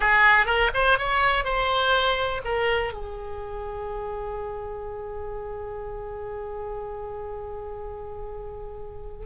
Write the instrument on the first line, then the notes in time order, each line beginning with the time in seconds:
oboe
0.00 G#4
0.46 A#4
0.74 C5
0.98 C#5
1.44 C5
2.44 A#4
2.93 G#4